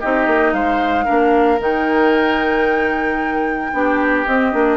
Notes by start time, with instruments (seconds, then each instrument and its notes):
0.00 bassoon C4, clarinet D#4, oboe G4, flute D#5
0.26 bassoon A#3
0.53 bassoon G#3, oboe C5, flute F5
1.05 bassoon A#3, clarinet D4, oboe A#4
1.59 bassoon D#3, clarinet D#4, flute G5
3.73 bassoon B3, clarinet D4, oboe G4
4.26 clarinet C4, bassoon C4, flute D#5
4.52 bassoon A#3, clarinet D4